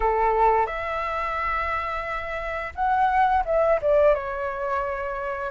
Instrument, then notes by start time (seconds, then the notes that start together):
flute
0.00 A4
0.66 E5
2.75 F#5
3.45 E5
3.81 D5
4.14 C#5